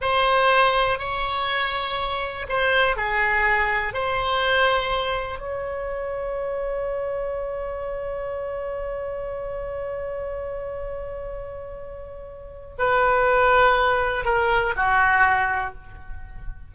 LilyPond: \new Staff \with { instrumentName = "oboe" } { \time 4/4 \tempo 4 = 122 c''2 cis''2~ | cis''4 c''4 gis'2 | c''2. cis''4~ | cis''1~ |
cis''1~ | cis''1~ | cis''2 b'2~ | b'4 ais'4 fis'2 | }